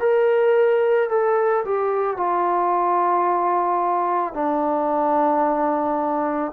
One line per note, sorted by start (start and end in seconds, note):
0.00 1.09 A#4
1.09 1.64 A4
1.65 2.17 G4
2.17 4.33 F4
4.33 6.52 D4